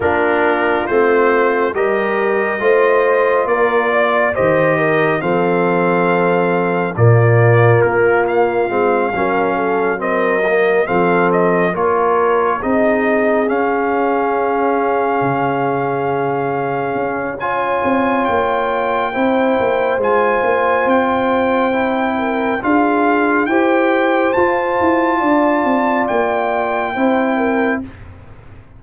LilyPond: <<
  \new Staff \with { instrumentName = "trumpet" } { \time 4/4 \tempo 4 = 69 ais'4 c''4 dis''2 | d''4 dis''4 f''2 | d''4 ais'8 f''2 dis''8~ | dis''8 f''8 dis''8 cis''4 dis''4 f''8~ |
f''1 | gis''4 g''2 gis''4 | g''2 f''4 g''4 | a''2 g''2 | }
  \new Staff \with { instrumentName = "horn" } { \time 4/4 f'2 ais'4 c''4 | ais'8 d''8 c''8 ais'8 a'2 | f'2~ f'8 ais'8 a'8 ais'8~ | ais'8 a'4 ais'4 gis'4.~ |
gis'1 | cis''2 c''2~ | c''4. ais'8 gis'4 c''4~ | c''4 d''2 c''8 ais'8 | }
  \new Staff \with { instrumentName = "trombone" } { \time 4/4 d'4 c'4 g'4 f'4~ | f'4 g'4 c'2 | ais2 c'8 cis'4 c'8 | ais8 c'4 f'4 dis'4 cis'8~ |
cis'1 | f'2 e'4 f'4~ | f'4 e'4 f'4 g'4 | f'2. e'4 | }
  \new Staff \with { instrumentName = "tuba" } { \time 4/4 ais4 a4 g4 a4 | ais4 dis4 f2 | ais,4 ais4 gis8 fis4.~ | fis8 f4 ais4 c'4 cis'8~ |
cis'4. cis2 cis'8~ | cis'8 c'8 ais4 c'8 ais8 gis8 ais8 | c'2 d'4 e'4 | f'8 e'8 d'8 c'8 ais4 c'4 | }
>>